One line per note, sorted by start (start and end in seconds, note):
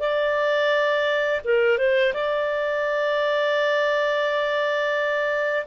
0.00 1.41 D5
1.45 1.78 A#4
1.78 2.13 C5
2.14 5.67 D5